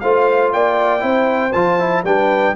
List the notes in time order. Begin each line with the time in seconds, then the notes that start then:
0.00 A3 F4 C5 F5
0.53 A#3 D5 G5
1.00 C4 E4 C5
1.52 F3 F4 A5
1.79 E4
2.04 G3 D4 B4 G5